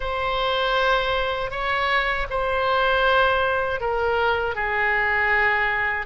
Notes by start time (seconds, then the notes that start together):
0.00 C5
1.50 C#5
2.30 C5
3.80 A#4
4.55 G#4